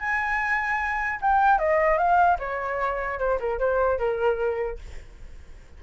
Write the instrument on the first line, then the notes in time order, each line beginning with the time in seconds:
flute
0.00 G#5
1.21 G5
1.58 D#5
1.98 F5
2.39 C#5
3.19 C5
3.40 A#4
3.59 C5
3.99 A#4